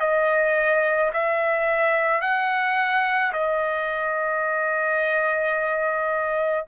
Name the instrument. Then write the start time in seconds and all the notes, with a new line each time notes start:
trumpet
0.00 D#5
1.13 E5
2.21 F#5
3.33 D#5